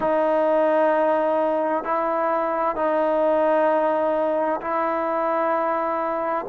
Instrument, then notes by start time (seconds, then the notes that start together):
trombone
0.00 D#4
1.83 E4
2.75 D#4
4.61 E4